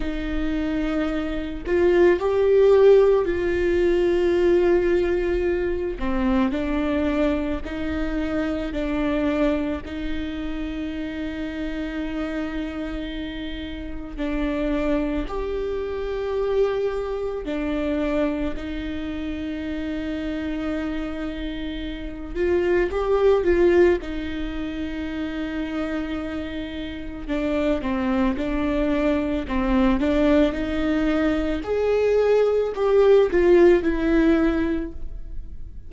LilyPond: \new Staff \with { instrumentName = "viola" } { \time 4/4 \tempo 4 = 55 dis'4. f'8 g'4 f'4~ | f'4. c'8 d'4 dis'4 | d'4 dis'2.~ | dis'4 d'4 g'2 |
d'4 dis'2.~ | dis'8 f'8 g'8 f'8 dis'2~ | dis'4 d'8 c'8 d'4 c'8 d'8 | dis'4 gis'4 g'8 f'8 e'4 | }